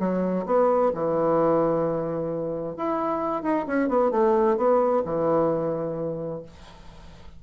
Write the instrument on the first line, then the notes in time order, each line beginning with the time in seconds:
bassoon
0.00 F#3
0.46 B3
0.95 E3
2.77 E4
3.43 D#4
3.67 C#4
3.89 B3
4.12 A3
4.57 B3
5.05 E3